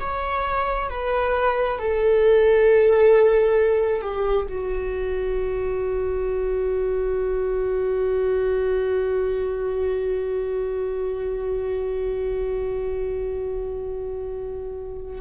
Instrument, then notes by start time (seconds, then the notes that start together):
viola
0.00 C#5
0.89 B4
1.79 A4
4.01 G4
4.49 F#4